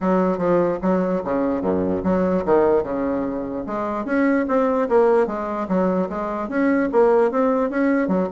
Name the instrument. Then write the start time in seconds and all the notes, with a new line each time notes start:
bassoon
0.00 F#3
0.38 F3
0.82 F#3
1.24 C#3
1.61 F#2
2.03 F#3
2.45 D#3
2.83 C#3
3.66 G#3
4.05 C#4
4.47 C4
4.88 A#3
5.26 G#3
5.68 F#3
6.09 G#3
6.48 C#4
6.92 A#3
7.31 C4
7.70 C#4
8.07 F#3